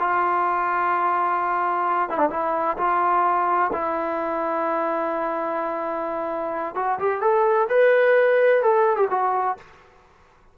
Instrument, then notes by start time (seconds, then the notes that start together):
trombone
0.00 F4
2.10 E4
2.18 D4
2.30 E4
2.78 F4
3.73 E4
6.75 F#4
6.99 G4
7.21 A4
7.69 B4
8.63 A4
8.96 G4
9.10 F#4